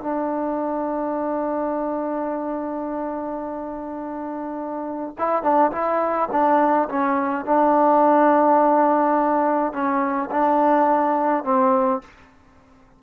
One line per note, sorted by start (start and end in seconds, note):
0.00 5.14 D4
5.18 5.43 E4
5.43 5.71 D4
5.71 6.29 E4
6.31 6.88 D4
6.89 7.45 C#4
7.45 9.72 D4
9.72 10.30 C#4
10.31 11.44 D4
11.44 12.01 C4